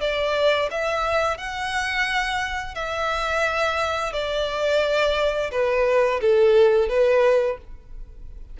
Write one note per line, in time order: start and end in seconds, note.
0.00 0.69 D5
0.71 1.37 E5
1.37 2.74 F#5
2.74 4.12 E5
4.12 5.50 D5
5.51 6.20 B4
6.21 6.88 A4
6.88 7.57 B4